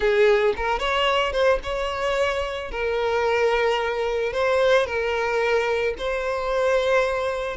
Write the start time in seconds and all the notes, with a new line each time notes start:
0.00 G#4
0.56 A#4
0.79 C#5
1.32 C5
1.63 C#5
2.71 A#4
4.32 C5
4.86 A#4
5.98 C5